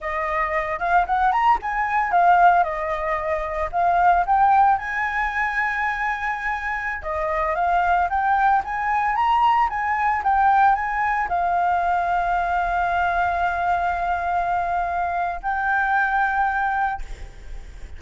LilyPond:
\new Staff \with { instrumentName = "flute" } { \time 4/4 \tempo 4 = 113 dis''4. f''8 fis''8 ais''8 gis''4 | f''4 dis''2 f''4 | g''4 gis''2.~ | gis''4~ gis''16 dis''4 f''4 g''8.~ |
g''16 gis''4 ais''4 gis''4 g''8.~ | g''16 gis''4 f''2~ f''8.~ | f''1~ | f''4 g''2. | }